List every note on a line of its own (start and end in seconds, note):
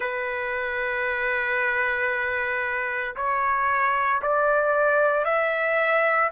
0.00 3.15 B4
3.16 4.21 C#5
4.22 5.24 D5
5.24 6.30 E5